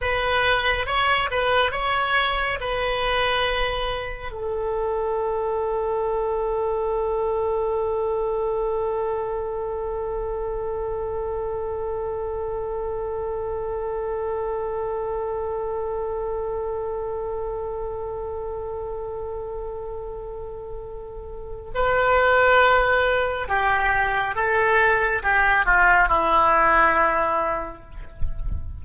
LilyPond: \new Staff \with { instrumentName = "oboe" } { \time 4/4 \tempo 4 = 69 b'4 cis''8 b'8 cis''4 b'4~ | b'4 a'2.~ | a'1~ | a'1~ |
a'1~ | a'1~ | a'4 b'2 g'4 | a'4 g'8 f'8 e'2 | }